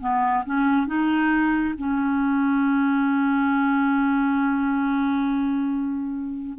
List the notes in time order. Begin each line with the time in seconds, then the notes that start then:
0.00 B3
0.45 C#4
0.86 D#4
1.78 C#4